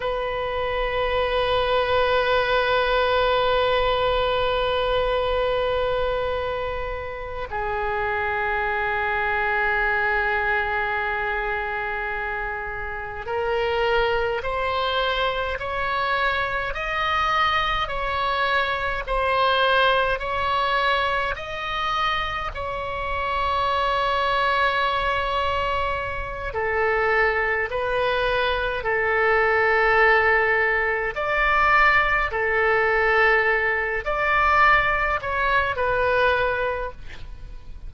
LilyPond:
\new Staff \with { instrumentName = "oboe" } { \time 4/4 \tempo 4 = 52 b'1~ | b'2~ b'8 gis'4.~ | gis'2.~ gis'8 ais'8~ | ais'8 c''4 cis''4 dis''4 cis''8~ |
cis''8 c''4 cis''4 dis''4 cis''8~ | cis''2. a'4 | b'4 a'2 d''4 | a'4. d''4 cis''8 b'4 | }